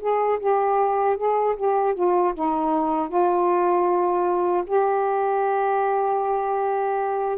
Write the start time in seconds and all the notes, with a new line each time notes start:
0.00 G#4
0.40 G4
1.17 G#4
1.56 G4
1.95 F4
2.34 D#4
3.09 F4
4.67 G4